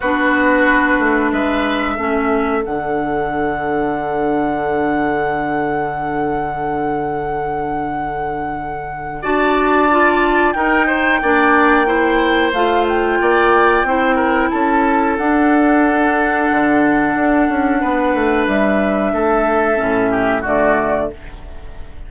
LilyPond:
<<
  \new Staff \with { instrumentName = "flute" } { \time 4/4 \tempo 4 = 91 b'2 e''2 | fis''1~ | fis''1~ | fis''2 a''2 |
g''2. f''8 g''8~ | g''2 a''4 fis''4~ | fis''1 | e''2. d''4 | }
  \new Staff \with { instrumentName = "oboe" } { \time 4/4 fis'2 b'4 a'4~ | a'1~ | a'1~ | a'2 d''2 |
ais'8 c''8 d''4 c''2 | d''4 c''8 ais'8 a'2~ | a'2. b'4~ | b'4 a'4. g'8 fis'4 | }
  \new Staff \with { instrumentName = "clarinet" } { \time 4/4 d'2. cis'4 | d'1~ | d'1~ | d'2 fis'4 f'4 |
dis'4 d'4 e'4 f'4~ | f'4 e'2 d'4~ | d'1~ | d'2 cis'4 a4 | }
  \new Staff \with { instrumentName = "bassoon" } { \time 4/4 b4. a8 gis4 a4 | d1~ | d1~ | d2 d'2 |
dis'4 ais2 a4 | ais4 c'4 cis'4 d'4~ | d'4 d4 d'8 cis'8 b8 a8 | g4 a4 a,4 d4 | }
>>